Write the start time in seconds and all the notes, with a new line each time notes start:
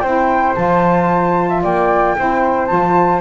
0.00 C4 E4 C5 G5
0.55 F3 F4 A5
1.49 E5
1.62 A#3 D5 G5
2.17 C4 E4 C5
2.67 F3 F4 A5